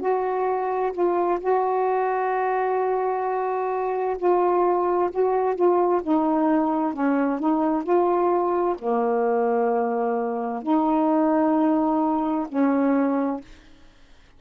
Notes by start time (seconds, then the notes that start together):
0.00 F#4
0.93 F4
1.40 F#4
4.18 F4
5.11 F#4
5.55 F4
6.03 D#4
6.94 C#4
7.39 D#4
7.83 F4
8.79 A#3
10.62 D#4
12.49 C#4